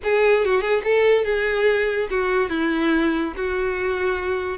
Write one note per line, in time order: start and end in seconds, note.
0.03 0.45 G#4
0.45 0.61 F#4
0.61 0.82 G#4
0.84 1.24 A4
1.24 2.08 G#4
2.10 2.49 F#4
2.49 3.33 E4
3.36 4.58 F#4